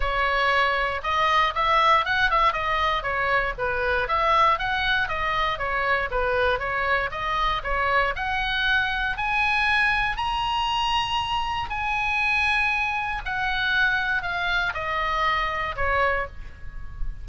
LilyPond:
\new Staff \with { instrumentName = "oboe" } { \time 4/4 \tempo 4 = 118 cis''2 dis''4 e''4 | fis''8 e''8 dis''4 cis''4 b'4 | e''4 fis''4 dis''4 cis''4 | b'4 cis''4 dis''4 cis''4 |
fis''2 gis''2 | ais''2. gis''4~ | gis''2 fis''2 | f''4 dis''2 cis''4 | }